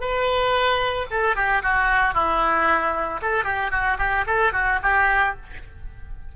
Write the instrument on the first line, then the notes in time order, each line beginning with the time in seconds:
oboe
0.00 B4
1.10 A4
1.35 G4
1.62 F#4
2.14 E4
3.21 A4
3.44 G4
3.71 F#4
3.98 G4
4.26 A4
4.53 F#4
4.82 G4